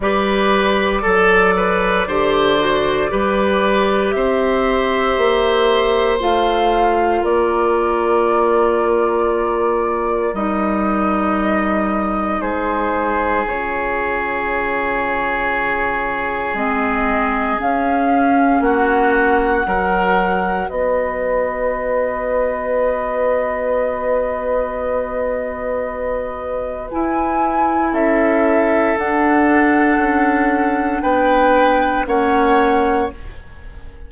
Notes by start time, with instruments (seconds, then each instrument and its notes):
0.00 bassoon G3, clarinet G4, oboe B4, flute D5
1.02 bassoon F#3, oboe A4, clarinet A4
1.56 oboe B4
2.06 bassoon D3, clarinet G4, oboe C5
2.59 clarinet F#4
3.08 bassoon G3, clarinet G4, oboe B4
4.10 bassoon C4, oboe C5, flute E5
5.17 bassoon A#3
6.19 bassoon A3, clarinet F4, flute F5
7.21 bassoon A#3, oboe A#4, flute D5
10.33 bassoon G3, clarinet D#4, flute D#5
12.41 bassoon G#3, oboe G#4, flute C5
13.46 bassoon C#3, clarinet F4, flute C#5
16.53 bassoon G#3, clarinet C4, flute D#5
17.58 clarinet C#4, bassoon C#4, flute F5
18.60 bassoon A#3, oboe F#4, flute F#5
19.65 bassoon F#3, clarinet F#4, oboe A#4
20.68 bassoon B3, oboe B4, flute D#5
26.90 clarinet E4, bassoon E4, flute G#5
27.92 bassoon C#4, oboe A4, flute E5
28.97 bassoon D4, clarinet D4, flute F#5
29.97 bassoon C#4
31.02 bassoon B3, oboe B4, flute G5
32.06 bassoon A#3, clarinet C#4, oboe C#5, flute F#5